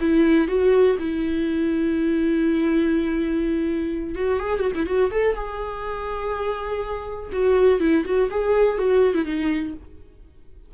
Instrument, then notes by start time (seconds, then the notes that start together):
viola
0.00 E4
0.48 F#4
0.99 E4
4.15 F#4
4.39 G#4
4.59 F#4
4.75 E4
4.86 F#4
5.11 A4
5.35 G#4
7.32 F#4
7.80 E4
8.05 F#4
8.30 G#4
8.78 F#4
9.14 E4
9.25 D#4